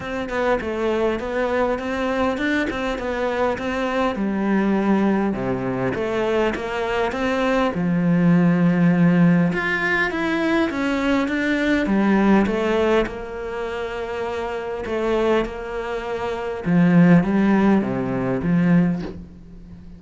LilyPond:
\new Staff \with { instrumentName = "cello" } { \time 4/4 \tempo 4 = 101 c'8 b8 a4 b4 c'4 | d'8 c'8 b4 c'4 g4~ | g4 c4 a4 ais4 | c'4 f2. |
f'4 e'4 cis'4 d'4 | g4 a4 ais2~ | ais4 a4 ais2 | f4 g4 c4 f4 | }